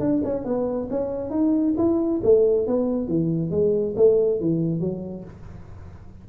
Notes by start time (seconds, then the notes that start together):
0.00 D4
0.25 C#4
0.45 B3
0.90 C#4
1.31 D#4
1.78 E4
2.24 A3
2.67 B3
3.08 E3
3.51 G#3
3.97 A3
4.41 E3
4.81 F#3